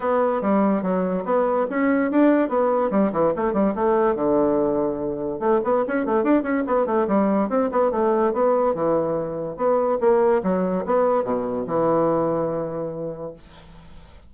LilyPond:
\new Staff \with { instrumentName = "bassoon" } { \time 4/4 \tempo 4 = 144 b4 g4 fis4 b4 | cis'4 d'4 b4 g8 e8 | a8 g8 a4 d2~ | d4 a8 b8 cis'8 a8 d'8 cis'8 |
b8 a8 g4 c'8 b8 a4 | b4 e2 b4 | ais4 fis4 b4 b,4 | e1 | }